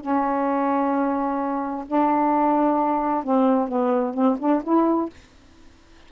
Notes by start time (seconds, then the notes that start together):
0.00 C#4
1.87 D4
3.23 C4
3.68 B3
4.13 C4
4.39 D4
4.63 E4